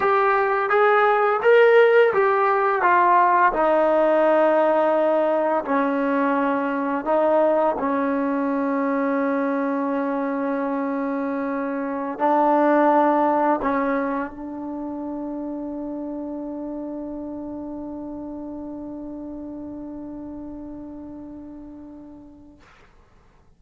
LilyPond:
\new Staff \with { instrumentName = "trombone" } { \time 4/4 \tempo 4 = 85 g'4 gis'4 ais'4 g'4 | f'4 dis'2. | cis'2 dis'4 cis'4~ | cis'1~ |
cis'4~ cis'16 d'2 cis'8.~ | cis'16 d'2.~ d'8.~ | d'1~ | d'1 | }